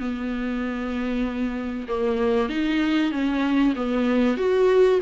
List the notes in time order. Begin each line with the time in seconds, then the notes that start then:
0.00 B3
1.88 A#3
2.49 D#4
3.12 C#4
3.76 B3
4.37 F#4